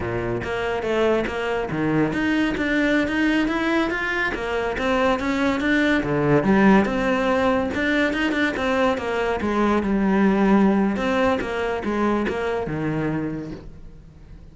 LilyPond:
\new Staff \with { instrumentName = "cello" } { \time 4/4 \tempo 4 = 142 ais,4 ais4 a4 ais4 | dis4 dis'4 d'4~ d'16 dis'8.~ | dis'16 e'4 f'4 ais4 c'8.~ | c'16 cis'4 d'4 d4 g8.~ |
g16 c'2 d'4 dis'8 d'16~ | d'16 c'4 ais4 gis4 g8.~ | g2 c'4 ais4 | gis4 ais4 dis2 | }